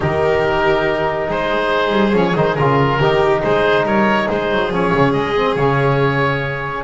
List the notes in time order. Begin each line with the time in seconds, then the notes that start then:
0.00 D#3 D#4 G4 A#4
1.27 G#3 G#4 C5
1.92 G3
2.12 F3 C#4 C#5
2.35 D#3 D#4 C5
2.55 C#3 F4 A#4
2.99 D#3 D#4 G4
3.43 G#3 G#4 C5
3.84 G3 A#4 C#5
4.27 G#3 G#4 C5
4.51 F#3
4.71 F3 C#4 C#5
4.93 C#3
5.12 G#3 D#5
5.35 C4
5.55 C#3 C#4 C#5